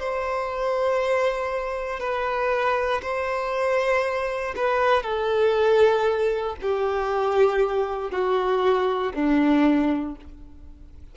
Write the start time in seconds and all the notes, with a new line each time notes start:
0.00 C5
2.00 B4
3.02 C5
4.57 B4
5.03 A4
6.62 G4
8.12 F#4
9.14 D4